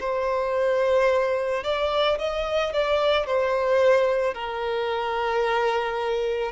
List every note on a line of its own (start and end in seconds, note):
0.00 1.64 C5
1.64 2.18 D5
2.19 2.73 D#5
2.73 3.26 D5
3.26 4.34 C5
4.34 6.52 A#4